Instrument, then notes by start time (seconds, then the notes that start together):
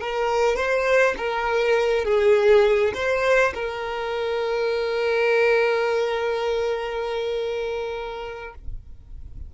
violin
0.00 A#4
0.56 C5
1.17 A#4
2.04 G#4
2.94 C5
3.54 A#4